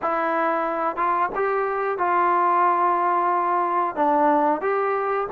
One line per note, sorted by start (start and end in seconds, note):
0.02 0.96 E4
0.96 1.29 F4
1.35 1.98 G4
1.98 3.95 F4
3.95 4.61 D4
4.61 5.27 G4